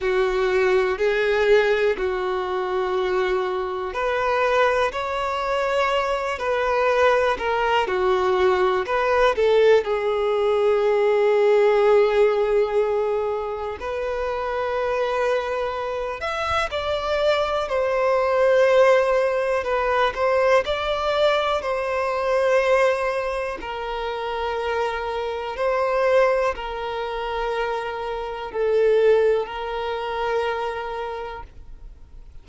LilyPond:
\new Staff \with { instrumentName = "violin" } { \time 4/4 \tempo 4 = 61 fis'4 gis'4 fis'2 | b'4 cis''4. b'4 ais'8 | fis'4 b'8 a'8 gis'2~ | gis'2 b'2~ |
b'8 e''8 d''4 c''2 | b'8 c''8 d''4 c''2 | ais'2 c''4 ais'4~ | ais'4 a'4 ais'2 | }